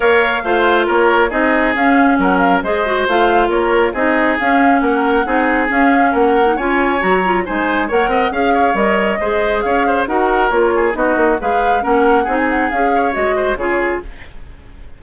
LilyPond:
<<
  \new Staff \with { instrumentName = "flute" } { \time 4/4 \tempo 4 = 137 f''2 cis''4 dis''4 | f''4 fis''8 f''8 dis''4 f''4 | cis''4 dis''4 f''4 fis''4~ | fis''4 f''4 fis''4 gis''4 |
ais''4 gis''4 fis''4 f''4 | dis''2 f''4 fis''4 | cis''4 dis''4 f''4 fis''4~ | fis''16 gis''16 fis''8 f''4 dis''4 cis''4 | }
  \new Staff \with { instrumentName = "oboe" } { \time 4/4 cis''4 c''4 ais'4 gis'4~ | gis'4 ais'4 c''2 | ais'4 gis'2 ais'4 | gis'2 ais'4 cis''4~ |
cis''4 c''4 cis''8 dis''8 f''8 cis''8~ | cis''4 c''4 cis''8 c''8 ais'4~ | ais'8 gis'8 fis'4 b'4 ais'4 | gis'4. cis''4 c''8 gis'4 | }
  \new Staff \with { instrumentName = "clarinet" } { \time 4/4 ais'4 f'2 dis'4 | cis'2 gis'8 fis'8 f'4~ | f'4 dis'4 cis'2 | dis'4 cis'4.~ cis'16 dis'16 f'4 |
fis'8 f'8 dis'4 ais'4 gis'4 | ais'4 gis'2 fis'4 | f'4 dis'4 gis'4 cis'4 | dis'4 gis'4 fis'4 f'4 | }
  \new Staff \with { instrumentName = "bassoon" } { \time 4/4 ais4 a4 ais4 c'4 | cis'4 fis4 gis4 a4 | ais4 c'4 cis'4 ais4 | c'4 cis'4 ais4 cis'4 |
fis4 gis4 ais8 c'8 cis'4 | g4 gis4 cis'4 dis'4 | ais4 b8 ais8 gis4 ais4 | c'4 cis'4 gis4 cis4 | }
>>